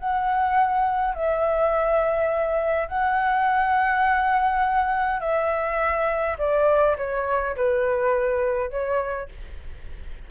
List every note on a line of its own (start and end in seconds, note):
0.00 1.15 F#5
1.15 2.89 E5
2.89 5.21 F#5
5.21 6.37 E5
6.39 6.97 D5
6.98 7.56 C#5
7.56 8.71 B4
8.71 9.29 C#5